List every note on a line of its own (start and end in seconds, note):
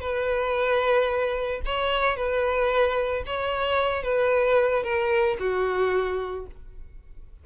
0.00 1.61 B4
1.65 2.16 C#5
2.16 3.23 B4
3.26 4.03 C#5
4.03 4.83 B4
4.83 5.37 A#4
5.39 6.46 F#4